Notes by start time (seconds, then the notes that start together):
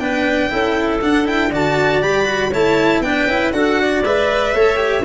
0.00 B3 D4 B4 G5
0.50 C#4 E4 A4
1.02 D4 F#5
1.25 E4 G5
1.51 D3 F#4 D5 A5
2.03 G3 G4 B5
2.25 F#4
2.51 A3 E4 C#5 A5
3.01 B3 D4 B4 G5
3.26 C#4 E4
3.53 D4 F#4 A4 F#5
3.81 D5
4.03 G#3 B4 E5
4.54 A3 A4 C#5
4.77 G4